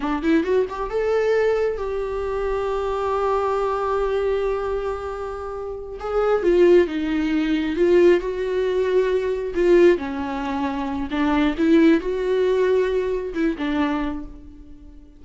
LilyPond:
\new Staff \with { instrumentName = "viola" } { \time 4/4 \tempo 4 = 135 d'8 e'8 fis'8 g'8 a'2 | g'1~ | g'1~ | g'4. gis'4 f'4 dis'8~ |
dis'4. f'4 fis'4.~ | fis'4. f'4 cis'4.~ | cis'4 d'4 e'4 fis'4~ | fis'2 e'8 d'4. | }